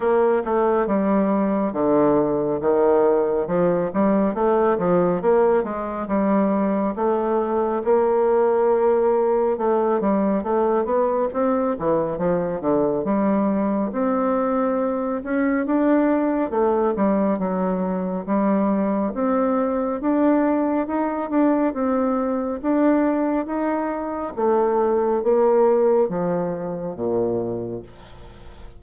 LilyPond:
\new Staff \with { instrumentName = "bassoon" } { \time 4/4 \tempo 4 = 69 ais8 a8 g4 d4 dis4 | f8 g8 a8 f8 ais8 gis8 g4 | a4 ais2 a8 g8 | a8 b8 c'8 e8 f8 d8 g4 |
c'4. cis'8 d'4 a8 g8 | fis4 g4 c'4 d'4 | dis'8 d'8 c'4 d'4 dis'4 | a4 ais4 f4 ais,4 | }